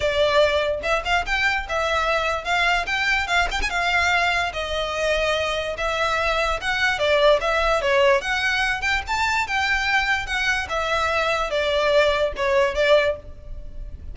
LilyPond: \new Staff \with { instrumentName = "violin" } { \time 4/4 \tempo 4 = 146 d''2 e''8 f''8 g''4 | e''2 f''4 g''4 | f''8 g''16 gis''16 f''2 dis''4~ | dis''2 e''2 |
fis''4 d''4 e''4 cis''4 | fis''4. g''8 a''4 g''4~ | g''4 fis''4 e''2 | d''2 cis''4 d''4 | }